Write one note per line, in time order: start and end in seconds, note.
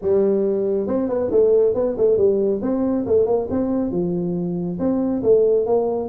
0.01 0.87 G3
0.87 1.08 C4
1.08 1.30 B3
1.31 1.74 A3
1.74 1.96 B3
1.97 2.17 A3
2.17 2.60 G3
2.61 3.05 C4
3.06 3.25 A3
3.25 3.47 A#3
3.50 3.91 C4
3.91 4.78 F3
4.79 5.22 C4
5.23 5.65 A3
5.65 6.09 A#3